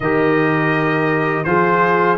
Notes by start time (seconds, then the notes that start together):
0.00 D#3 G4 A#4 D#5
1.43 F3 F4 G#4 C5